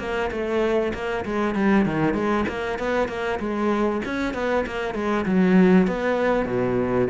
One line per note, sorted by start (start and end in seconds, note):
0.00 0.31 A#3
0.31 0.93 A3
0.94 1.25 A#3
1.26 1.55 G#3
1.55 1.86 G3
1.86 2.15 D#3
2.15 2.45 G#3
2.49 2.79 A#3
2.79 3.09 B3
3.09 3.40 A#3
3.40 4.02 G#3
4.06 4.35 C#4
4.35 4.66 B3
4.67 4.95 A#3
4.95 5.26 G#3
5.26 5.88 F#3
5.88 6.46 B3
6.46 7.08 B2